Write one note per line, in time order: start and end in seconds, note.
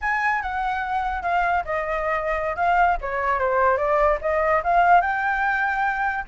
0.01 0.41 G#5
0.41 1.22 F#5
1.22 1.63 F5
1.65 2.56 D#5
2.56 2.97 F5
3.01 3.39 C#5
3.39 3.77 C5
3.77 4.18 D5
4.21 4.62 D#5
4.63 5.01 F5
5.01 6.24 G5